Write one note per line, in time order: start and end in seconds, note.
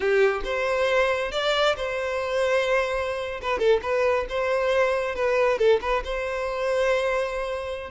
0.00 0.41 G4
0.44 1.31 C5
1.31 1.75 D5
1.76 3.40 C5
3.41 3.58 B4
3.58 3.80 A4
3.82 4.26 B4
4.29 5.15 C5
5.15 5.58 B4
5.58 5.80 A4
5.81 6.03 B4
6.04 7.90 C5